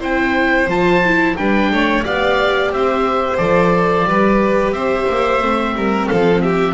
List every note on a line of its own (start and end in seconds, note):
0.00 0.67 C4
0.00 0.68 E4
0.00 1.35 C5
0.00 0.70 G5
0.68 1.35 F3
0.68 1.04 F4
0.68 1.37 A5
1.05 1.38 E4
1.37 1.72 G3
1.37 2.04 D4
1.37 1.72 B4
1.37 2.04 G5
1.72 2.06 A3
1.72 2.05 C#5
2.04 2.71 B3
2.04 3.38 G4
2.04 2.72 D5
2.04 2.73 F5
2.71 3.38 C4
2.71 4.08 C5
2.71 3.38 E5
3.38 4.06 F3
3.38 4.06 A4
3.38 4.73 D5
4.06 4.72 G3
4.06 5.42 G4
4.06 4.74 B4
4.72 5.06 C4
4.72 5.75 C5
4.72 6.08 E5
5.10 5.43 A#3
5.42 5.75 A3
5.42 6.75 C4
5.75 6.09 G3
5.75 6.09 A#4
6.08 6.75 F3
6.08 6.43 A4
6.08 6.41 F5
6.42 6.75 G4
6.42 6.75 E5